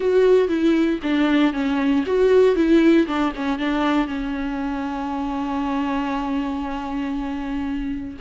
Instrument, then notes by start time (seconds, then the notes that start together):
viola
0.00 F#4
0.48 E4
1.03 D4
1.53 C#4
2.06 F#4
2.55 E4
3.07 D4
3.35 C#4
3.58 D4
4.07 C#4